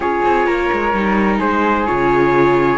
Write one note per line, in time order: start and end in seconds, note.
0.00 0.21 C#4
0.00 0.93 F4
0.00 0.46 G#4
0.00 1.38 C#5
0.25 0.46 C4
0.46 0.69 A#3
0.46 1.38 A#4
0.72 0.93 G#3
0.93 1.40 G3
0.93 1.86 D#4
1.38 1.87 G#3
1.38 2.77 G#4
1.38 1.86 C5
1.86 2.77 C#3
1.86 2.77 F4
1.86 2.77 C#5